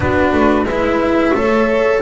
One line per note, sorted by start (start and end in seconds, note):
0.00 0.33 B3
0.00 0.65 D4
0.00 0.67 F#4
0.00 0.65 B4
0.33 0.64 A3
0.64 1.31 G#3
0.64 1.35 B4
0.64 2.00 E5
0.70 1.34 E4
1.34 2.01 A3
1.34 2.01 A4
1.34 2.01 C#5